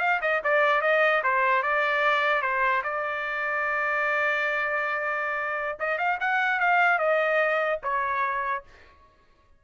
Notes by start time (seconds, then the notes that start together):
0.00 F5
0.22 D#5
0.44 D5
0.82 D#5
1.24 C5
1.63 D5
2.42 C5
2.84 D5
5.79 D#5
5.98 F5
6.20 F#5
6.60 F5
6.99 D#5
7.83 C#5